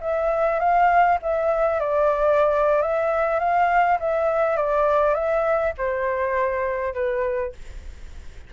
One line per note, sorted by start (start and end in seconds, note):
0.00 0.59 E5
0.59 1.18 F5
1.22 1.79 E5
1.79 2.81 D5
2.81 3.39 E5
3.39 3.98 F5
3.99 4.56 E5
4.56 5.14 D5
5.14 5.72 E5
5.78 6.93 C5
6.93 7.52 B4